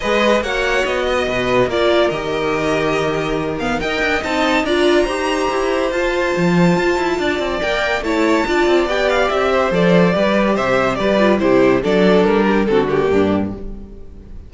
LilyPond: <<
  \new Staff \with { instrumentName = "violin" } { \time 4/4 \tempo 4 = 142 dis''4 fis''4 dis''2 | d''4 dis''2.~ | dis''8 f''8 g''4 a''4 ais''4~ | ais''2 a''2~ |
a''2 g''4 a''4~ | a''4 g''8 f''8 e''4 d''4~ | d''4 e''4 d''4 c''4 | d''4 ais'4 a'8 g'4. | }
  \new Staff \with { instrumentName = "violin" } { \time 4/4 b'4 cis''4. dis''8 b'4 | ais'1~ | ais'4 dis''2 d''4 | c''1~ |
c''4 d''2 cis''4 | d''2~ d''8 c''4. | b'4 c''4 b'4 g'4 | a'4. g'8 fis'4 d'4 | }
  \new Staff \with { instrumentName = "viola" } { \time 4/4 gis'4 fis'2. | f'4 g'2.~ | g'8 b8 ais'4 dis'4 f'4 | g'2 f'2~ |
f'2 ais'4 e'4 | f'4 g'2 a'4 | g'2~ g'8 f'8 e'4 | d'2 c'8 ais4. | }
  \new Staff \with { instrumentName = "cello" } { \time 4/4 gis4 ais4 b4 b,4 | ais4 dis2.~ | dis4 dis'8 d'8 c'4 d'4 | dis'4 e'4 f'4 f4 |
f'8 e'8 d'8 c'8 ais4 a4 | d'8 c'8 b4 c'4 f4 | g4 c4 g4 c4 | fis4 g4 d4 g,4 | }
>>